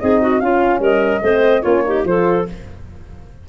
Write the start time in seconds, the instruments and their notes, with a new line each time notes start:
0.00 tuba C4, horn D#4, clarinet G#4, flute D#5
0.21 clarinet F#4
0.40 horn C#4, tuba C#4, clarinet F4, flute F5
0.80 tuba G3, clarinet A#4, flute D#5
1.22 tuba A3, horn C4, clarinet C5
1.62 tuba A#3, horn C#4, clarinet F4, flute C#5
1.84 horn D#4, clarinet G4
2.04 tuba F3, horn F4, clarinet A4, flute C5